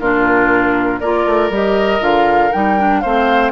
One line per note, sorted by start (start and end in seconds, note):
0.00 1.01 A#2
0.00 1.03 D4
0.00 1.00 F4
0.00 1.01 A#4
1.00 1.26 A#3
1.00 1.52 F4
1.00 3.02 A#4
1.00 1.51 D5
1.26 1.50 A3
1.50 2.01 G3
1.50 2.01 G4
1.50 2.04 D#5
2.01 2.51 D3
2.01 2.51 F4
2.01 2.53 F5
2.53 3.05 G3
2.53 2.79 D#4
2.53 3.01 G5
2.79 3.04 D4
3.01 3.52 A3
3.01 3.52 C4
3.01 3.52 C5
3.01 3.51 F5